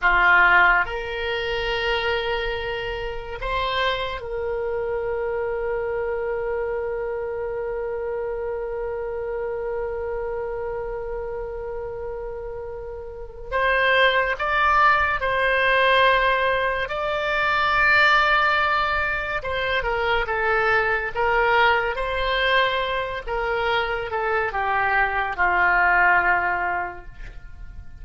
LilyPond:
\new Staff \with { instrumentName = "oboe" } { \time 4/4 \tempo 4 = 71 f'4 ais'2. | c''4 ais'2.~ | ais'1~ | ais'1 |
c''4 d''4 c''2 | d''2. c''8 ais'8 | a'4 ais'4 c''4. ais'8~ | ais'8 a'8 g'4 f'2 | }